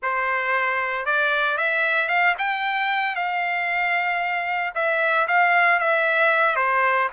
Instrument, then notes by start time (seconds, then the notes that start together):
trumpet
0.02 C5
1.05 D5
1.57 E5
2.08 F5
2.38 G5
3.15 F5
4.74 E5
5.27 F5
5.79 E5
6.56 C5